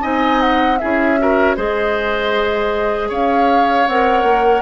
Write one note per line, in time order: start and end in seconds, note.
0.00 0.80 C4
0.00 0.77 D#4
0.00 0.78 D#5
0.00 0.41 G#5
0.41 0.78 F#5
0.78 1.57 C#4
0.78 1.18 E4
0.78 1.19 G#4
0.78 1.55 E5
1.18 1.56 F#4
1.18 1.56 A#4
1.56 3.10 G#3
1.56 3.87 G#4
1.56 3.08 C5
1.56 3.10 D#5
3.08 3.87 C#4
3.08 4.61 C#5
3.08 3.86 F5
3.86 4.23 C4
3.86 4.61 A#4
3.86 4.61 F#5
4.23 4.61 A#3